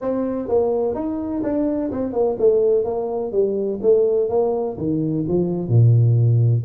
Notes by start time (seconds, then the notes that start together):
0.01 C4
0.48 A#3
0.95 D#4
1.43 D4
1.91 C4
2.12 A#3
2.38 A3
2.84 A#3
3.32 G3
3.82 A3
4.29 A#3
4.77 D#3
5.27 F3
5.68 A#2